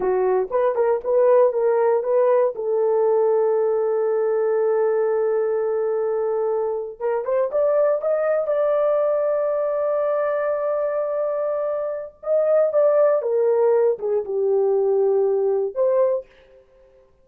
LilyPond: \new Staff \with { instrumentName = "horn" } { \time 4/4 \tempo 4 = 118 fis'4 b'8 ais'8 b'4 ais'4 | b'4 a'2.~ | a'1~ | a'4.~ a'16 ais'8 c''8 d''4 dis''16~ |
dis''8. d''2.~ d''16~ | d''1 | dis''4 d''4 ais'4. gis'8 | g'2. c''4 | }